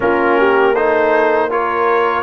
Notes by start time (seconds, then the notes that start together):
0.00 A#3 C#4 F4 A#4
0.38 G4
0.73 D#4 A4 C5
1.50 F4 A#4 C#5